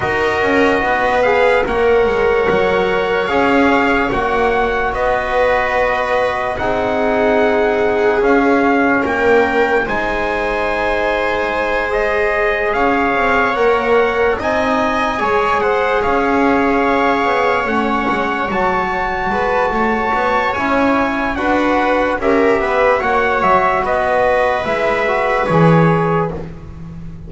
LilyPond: <<
  \new Staff \with { instrumentName = "trumpet" } { \time 4/4 \tempo 4 = 73 dis''4. f''8 fis''2 | f''4 fis''4 dis''2 | fis''2 f''4 g''4 | gis''2~ gis''8 dis''4 f''8~ |
f''8 fis''4 gis''4. fis''8 f''8~ | f''4. fis''4 a''4.~ | a''4 gis''4 fis''4 e''4 | fis''8 e''8 dis''4 e''4 cis''4 | }
  \new Staff \with { instrumentName = "viola" } { \time 4/4 ais'4 b'4 cis''2~ | cis''2 b'2 | gis'2. ais'4 | c''2.~ c''8 cis''8~ |
cis''4. dis''4 cis''8 c''8 cis''8~ | cis''2.~ cis''8 b'8 | cis''2 b'4 ais'8 b'8 | cis''4 b'2. | }
  \new Staff \with { instrumentName = "trombone" } { \time 4/4 fis'4. gis'8 ais'2 | gis'4 fis'2. | dis'2 cis'2 | dis'2~ dis'8 gis'4.~ |
gis'8 ais'4 dis'4 gis'4.~ | gis'4. cis'4 fis'4.~ | fis'4 e'4 fis'4 g'4 | fis'2 e'8 fis'8 gis'4 | }
  \new Staff \with { instrumentName = "double bass" } { \time 4/4 dis'8 cis'8 b4 ais8 gis8 fis4 | cis'4 ais4 b2 | c'2 cis'4 ais4 | gis2.~ gis8 cis'8 |
c'8 ais4 c'4 gis4 cis'8~ | cis'4 b8 a8 gis8 fis4 gis8 | a8 b8 cis'4 d'4 cis'8 b8 | ais8 fis8 b4 gis4 e4 | }
>>